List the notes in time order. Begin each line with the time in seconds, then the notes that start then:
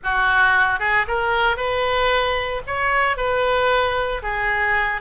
0.03 F#4
0.79 G#4
1.07 A#4
1.56 B4
2.67 C#5
3.17 B4
4.22 G#4